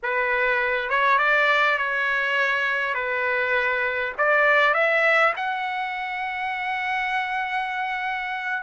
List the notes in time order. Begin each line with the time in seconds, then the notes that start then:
0.02 B4
0.89 C#5
1.18 D5
1.78 C#5
2.94 B4
4.17 D5
4.74 E5
5.36 F#5